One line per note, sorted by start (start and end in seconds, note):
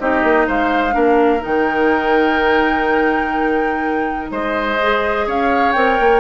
0.00 0.24 C4
0.00 0.91 D#4
0.00 0.47 G4
0.00 0.48 D#5
0.24 0.48 A#3
0.47 0.95 G#3
0.47 0.95 C5
0.47 1.44 F5
0.91 1.43 A#3
0.91 1.39 D4
0.91 4.31 A#4
1.41 4.31 D#3
1.41 4.77 D#4
1.41 4.32 G5
4.31 5.27 G#3
4.31 5.27 C5
4.31 5.28 D#5
4.82 5.75 G#4
5.27 5.75 C#4
5.27 6.20 C#5
5.27 5.73 F5
5.73 5.99 C4
5.73 6.20 A#4
5.73 6.20 G5
6.00 6.20 A#3